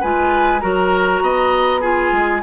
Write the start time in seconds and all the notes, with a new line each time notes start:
0.00 G#3 F4 B4 G#5
0.60 F#3 F#4 A#4 A#5
1.21 B3 D#5
1.80 F4 G#4 G#5
2.11 G#3